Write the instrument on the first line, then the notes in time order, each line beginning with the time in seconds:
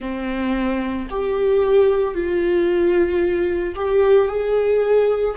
viola
0.00 C4
1.10 G4
2.14 F4
3.75 G4
4.28 G#4